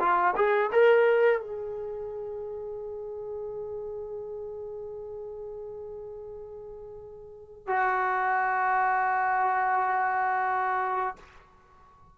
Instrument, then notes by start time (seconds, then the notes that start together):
trombone
0.00 F4
0.36 G#4
0.73 A#4
1.41 G#4
7.67 F#4